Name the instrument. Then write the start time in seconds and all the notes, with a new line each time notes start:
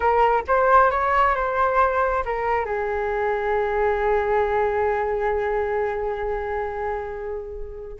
flute
0.00 A#4
0.47 C5
0.91 C#5
1.35 C5
2.25 A#4
2.65 G#4